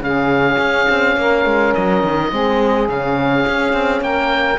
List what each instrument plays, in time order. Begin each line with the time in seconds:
0.00 cello C#3, horn C#4, saxophone G#4, oboe F5
0.59 cello C#4
0.90 cello C4
1.17 cello A#3, saxophone A#4
1.46 cello G#3
1.75 cello F#3, oboe D#5
2.04 cello D#3
2.31 cello G#3, horn C4, saxophone G#4
2.88 cello C#3, horn C#4, oboe F5
3.47 cello C#4
3.73 cello C4
4.01 cello A#3, saxophone A#4, oboe G5